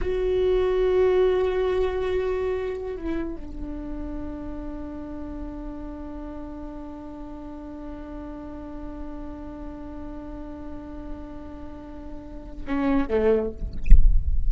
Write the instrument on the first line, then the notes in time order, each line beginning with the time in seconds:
viola
0.01 F#4
2.96 E4
3.36 D4
12.66 C#4
13.08 A3